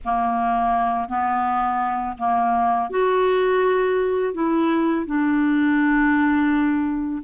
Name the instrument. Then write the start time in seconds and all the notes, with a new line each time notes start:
clarinet
0.04 A#3
1.08 B3
2.18 A#3
2.90 F#4
4.33 E4
5.06 D4